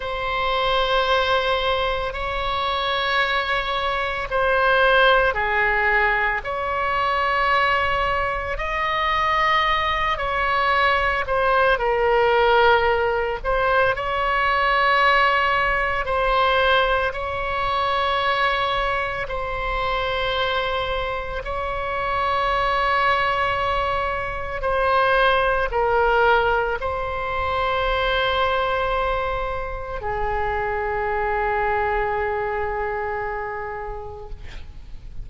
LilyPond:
\new Staff \with { instrumentName = "oboe" } { \time 4/4 \tempo 4 = 56 c''2 cis''2 | c''4 gis'4 cis''2 | dis''4. cis''4 c''8 ais'4~ | ais'8 c''8 cis''2 c''4 |
cis''2 c''2 | cis''2. c''4 | ais'4 c''2. | gis'1 | }